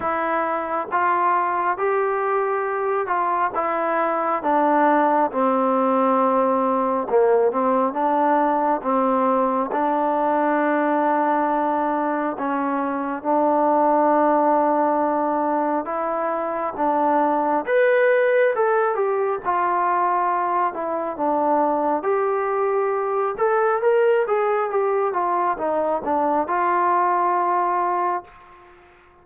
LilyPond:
\new Staff \with { instrumentName = "trombone" } { \time 4/4 \tempo 4 = 68 e'4 f'4 g'4. f'8 | e'4 d'4 c'2 | ais8 c'8 d'4 c'4 d'4~ | d'2 cis'4 d'4~ |
d'2 e'4 d'4 | b'4 a'8 g'8 f'4. e'8 | d'4 g'4. a'8 ais'8 gis'8 | g'8 f'8 dis'8 d'8 f'2 | }